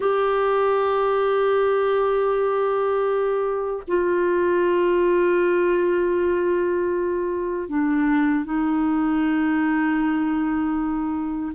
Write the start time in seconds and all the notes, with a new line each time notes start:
0.00 G4
3.87 F4
7.69 D4
8.44 D#4